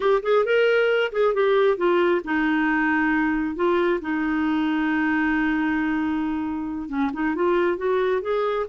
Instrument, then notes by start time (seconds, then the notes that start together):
clarinet
0.00 G4
0.22 G#4
0.45 A#4
1.12 G#4
1.34 G4
1.77 F4
2.24 D#4
3.55 F4
4.01 D#4
6.88 C#4
7.13 D#4
7.35 F4
7.77 F#4
8.21 G#4